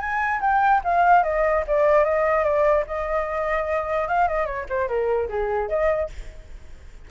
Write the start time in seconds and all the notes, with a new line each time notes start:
0.00 G#5
0.41 G5
0.84 F5
1.23 D#5
1.67 D5
2.04 D#5
2.44 D5
2.87 D#5
4.08 F5
4.28 D#5
4.46 C#5
4.69 C5
4.88 A#4
5.29 G#4
5.69 D#5